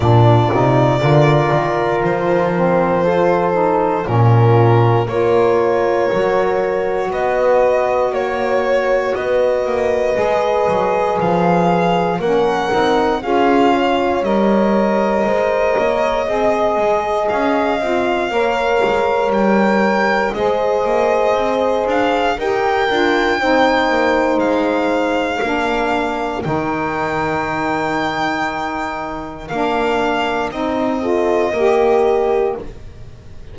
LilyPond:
<<
  \new Staff \with { instrumentName = "violin" } { \time 4/4 \tempo 4 = 59 d''2 c''2 | ais'4 cis''2 dis''4 | cis''4 dis''2 f''4 | fis''4 f''4 dis''2~ |
dis''4 f''2 g''4 | dis''4. f''8 g''2 | f''2 g''2~ | g''4 f''4 dis''2 | }
  \new Staff \with { instrumentName = "horn" } { \time 4/4 f'4 ais'2 a'4 | f'4 ais'2 b'4 | cis''4 b'2. | ais'4 gis'8 cis''4. c''8 cis''8 |
dis''2 cis''2 | c''2 ais'4 c''4~ | c''4 ais'2.~ | ais'2~ ais'8 a'8 ais'4 | }
  \new Staff \with { instrumentName = "saxophone" } { \time 4/4 d'8 dis'8 f'4. c'8 f'8 dis'8 | cis'4 f'4 fis'2~ | fis'2 gis'2 | cis'8 dis'8 f'4 ais'2 |
gis'4. f'8 ais'2 | gis'2 g'8 f'8 dis'4~ | dis'4 d'4 dis'2~ | dis'4 d'4 dis'8 f'8 g'4 | }
  \new Staff \with { instrumentName = "double bass" } { \time 4/4 ais,8 c8 d8 dis8 f2 | ais,4 ais4 fis4 b4 | ais4 b8 ais8 gis8 fis8 f4 | ais8 c'8 cis'4 g4 gis8 ais8 |
c'8 gis8 cis'8 c'8 ais8 gis8 g4 | gis8 ais8 c'8 d'8 dis'8 d'8 c'8 ais8 | gis4 ais4 dis2~ | dis4 ais4 c'4 ais4 | }
>>